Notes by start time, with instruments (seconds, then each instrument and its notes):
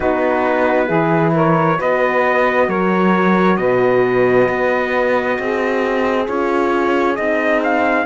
0.00 cello B3, horn D#4, saxophone F#4, trumpet B4
0.87 cello E3, horn E4, saxophone G#4
1.34 saxophone A#4, trumpet C#5
1.78 cello B3, horn F#4, saxophone B4, trumpet D#5
2.68 cello F#3, saxophone A#4, trumpet C#5
3.57 cello B2, saxophone B4, trumpet D#5
4.48 cello B3
5.37 cello C4, saxophone G#4
6.27 cello C#4, horn F4, trumpet C#5
7.15 cello C4, horn D#4, trumpet D#5
7.63 trumpet F5